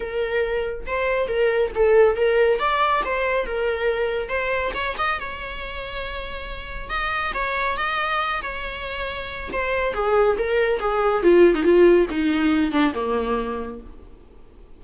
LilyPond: \new Staff \with { instrumentName = "viola" } { \time 4/4 \tempo 4 = 139 ais'2 c''4 ais'4 | a'4 ais'4 d''4 c''4 | ais'2 c''4 cis''8 dis''8 | cis''1 |
dis''4 cis''4 dis''4. cis''8~ | cis''2 c''4 gis'4 | ais'4 gis'4 f'8. dis'16 f'4 | dis'4. d'8 ais2 | }